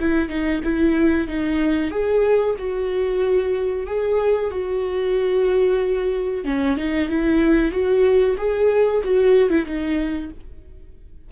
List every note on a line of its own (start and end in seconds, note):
0.00 0.29 E4
0.29 0.61 D#4
0.64 1.28 E4
1.28 1.91 D#4
1.91 2.55 G#4
2.59 3.87 F#4
3.87 4.51 G#4
4.51 6.45 F#4
6.45 6.77 C#4
6.77 7.09 D#4
7.09 7.72 E4
7.72 8.36 F#4
8.38 9.02 G#4
9.04 9.50 F#4
9.50 9.66 E4
9.66 10.30 D#4